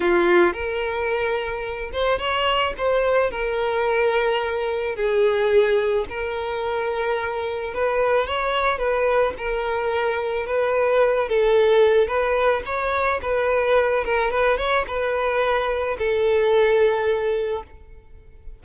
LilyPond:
\new Staff \with { instrumentName = "violin" } { \time 4/4 \tempo 4 = 109 f'4 ais'2~ ais'8 c''8 | cis''4 c''4 ais'2~ | ais'4 gis'2 ais'4~ | ais'2 b'4 cis''4 |
b'4 ais'2 b'4~ | b'8 a'4. b'4 cis''4 | b'4. ais'8 b'8 cis''8 b'4~ | b'4 a'2. | }